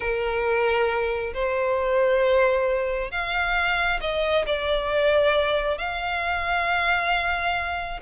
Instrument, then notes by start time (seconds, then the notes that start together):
violin
0.00 A#4
1.33 C5
3.11 F5
4.00 D#5
4.46 D5
5.77 F5